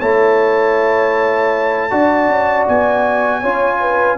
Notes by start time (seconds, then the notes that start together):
0.00 A3 E4 C#5 A5
1.91 D4 F#4 D5
2.29 C#4
2.68 B3 G#5
3.41 C#4 F4 C#5
3.81 B4